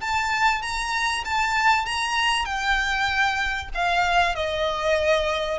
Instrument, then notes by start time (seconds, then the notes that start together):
violin
0.00 A5
0.62 A#5
1.25 A5
1.85 A#5
2.45 G5
3.75 F5
4.35 D#5